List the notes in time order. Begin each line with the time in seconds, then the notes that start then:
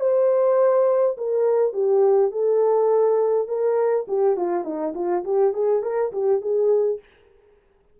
0.00 C5
1.17 A#4
1.73 G4
2.31 A4
3.48 A#4
4.08 G4
4.36 F4
4.64 D#4
4.95 F4
5.24 G4
5.53 G#4
5.82 A#4
6.12 G4
6.41 G#4